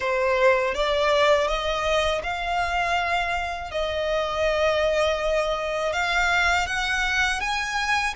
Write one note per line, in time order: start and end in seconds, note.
0.00 0.74 C5
0.74 1.47 D5
1.47 2.21 D#5
2.23 3.71 F5
3.71 5.93 D#5
5.93 6.67 F5
6.67 7.40 F#5
7.40 8.14 G#5